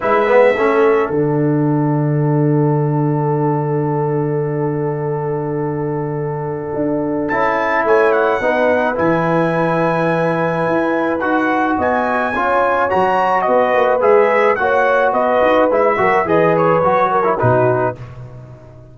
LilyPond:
<<
  \new Staff \with { instrumentName = "trumpet" } { \time 4/4 \tempo 4 = 107 e''2 fis''2~ | fis''1~ | fis''1~ | fis''4 a''4 gis''8 fis''4. |
gis''1 | fis''4 gis''2 ais''4 | dis''4 e''4 fis''4 dis''4 | e''4 dis''8 cis''4. b'4 | }
  \new Staff \with { instrumentName = "horn" } { \time 4/4 b'4 a'2.~ | a'1~ | a'1~ | a'2 cis''4 b'4~ |
b'1~ | b'4 dis''4 cis''2 | b'2 cis''4 b'4~ | b'8 ais'8 b'4. ais'8 fis'4 | }
  \new Staff \with { instrumentName = "trombone" } { \time 4/4 e'8 b8 cis'4 d'2~ | d'1~ | d'1~ | d'4 e'2 dis'4 |
e'1 | fis'2 f'4 fis'4~ | fis'4 gis'4 fis'2 | e'8 fis'8 gis'4 fis'8. e'16 dis'4 | }
  \new Staff \with { instrumentName = "tuba" } { \time 4/4 gis4 a4 d2~ | d1~ | d1 | d'4 cis'4 a4 b4 |
e2. e'4 | dis'4 b4 cis'4 fis4 | b8 ais8 gis4 ais4 b8 dis'8 | gis8 fis8 e4 fis4 b,4 | }
>>